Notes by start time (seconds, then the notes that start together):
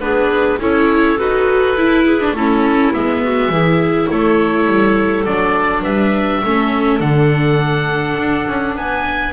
0.00 B3 D4 G#4 B4
0.60 C#4 E4 A4 C#5
1.18 D#4 F#4 B4
1.76 E4
2.04 G#4
2.20 D4
2.32 A3 C#4 E4 A4
2.93 G#3 B3 E5
3.23 F#4
3.49 E3 E4 G#4
4.10 A3 A4 C#5
4.66 G3
5.25 F#3 D4 D5
5.82 G3 B4 E5
6.44 A3 C#4 A4
7.00 D3 D4 F#5
8.17 D4
8.47 C#4
8.75 B3 B4 G#5